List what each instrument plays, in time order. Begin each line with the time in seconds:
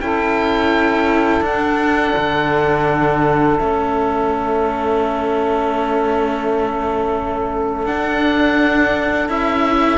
0.00 cello C#4 E4, saxophone A4, oboe G5
1.40 cello D4, oboe F#5
2.16 cello D3
3.58 cello A3 C#4, oboe E5
7.86 cello D4, oboe F#5
9.28 cello C#4 E4, oboe E5